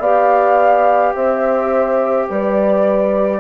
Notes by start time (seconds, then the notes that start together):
0.00 B3 G4 D5 F5
1.15 C4 C5 E5
2.30 G3 B4 D5